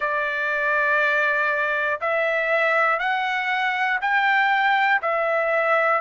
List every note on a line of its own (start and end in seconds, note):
0.00 2.00 D5
2.00 2.99 E5
2.99 3.99 F#5
4.01 5.01 G5
5.01 6.01 E5